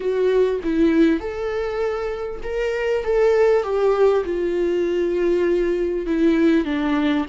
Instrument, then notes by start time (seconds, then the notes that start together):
viola
0.00 F#4
0.63 E4
1.20 A4
2.43 A#4
3.04 A4
3.63 G4
4.24 F4
6.06 E4
6.64 D4